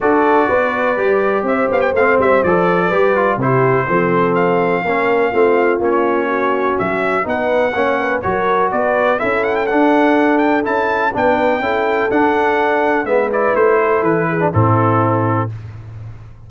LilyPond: <<
  \new Staff \with { instrumentName = "trumpet" } { \time 4/4 \tempo 4 = 124 d''2. e''8 f''16 g''16 | f''8 e''8 d''2 c''4~ | c''4 f''2. | cis''2 e''4 fis''4~ |
fis''4 cis''4 d''4 e''8 fis''16 g''16 | fis''4. g''8 a''4 g''4~ | g''4 fis''2 e''8 d''8 | c''4 b'4 a'2 | }
  \new Staff \with { instrumentName = "horn" } { \time 4/4 a'4 b'2 c''4~ | c''2 b'4 g'4 | a'2 ais'4 f'4~ | f'4 fis'2 b'4 |
cis''8 b'8 ais'4 b'4 a'4~ | a'2. b'4 | a'2. b'4~ | b'8 a'4 gis'8 e'2 | }
  \new Staff \with { instrumentName = "trombone" } { \time 4/4 fis'2 g'2 | c'4 a'4 g'8 f'8 e'4 | c'2 cis'4 c'4 | cis'2. dis'4 |
cis'4 fis'2 e'4 | d'2 e'4 d'4 | e'4 d'2 b8 e'8~ | e'4.~ e'16 d'16 c'2 | }
  \new Staff \with { instrumentName = "tuba" } { \time 4/4 d'4 b4 g4 c'8 b8 | a8 g8 f4 g4 c4 | f2 ais4 a4 | ais2 fis4 b4 |
ais4 fis4 b4 cis'4 | d'2 cis'4 b4 | cis'4 d'2 gis4 | a4 e4 a,2 | }
>>